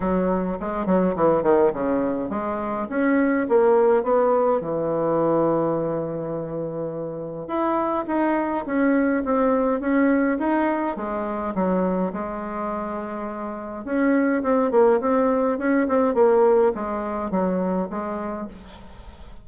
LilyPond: \new Staff \with { instrumentName = "bassoon" } { \time 4/4 \tempo 4 = 104 fis4 gis8 fis8 e8 dis8 cis4 | gis4 cis'4 ais4 b4 | e1~ | e4 e'4 dis'4 cis'4 |
c'4 cis'4 dis'4 gis4 | fis4 gis2. | cis'4 c'8 ais8 c'4 cis'8 c'8 | ais4 gis4 fis4 gis4 | }